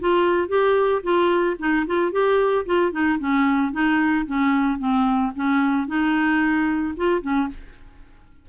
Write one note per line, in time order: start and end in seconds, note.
0.00 0.48 F4
0.48 1.02 G4
1.03 1.57 F4
1.59 1.86 D#4
1.87 2.12 F4
2.12 2.65 G4
2.66 2.92 F4
2.92 3.19 D#4
3.19 3.72 C#4
3.72 4.26 D#4
4.26 4.79 C#4
4.79 5.32 C4
5.35 5.88 C#4
5.88 6.95 D#4
6.97 7.22 F4
7.22 7.49 C#4